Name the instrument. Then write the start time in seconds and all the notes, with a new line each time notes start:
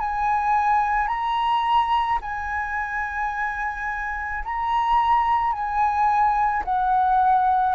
flute
0.00 G#5
1.08 A#5
2.22 G#5
4.45 A#5
5.53 G#5
6.65 F#5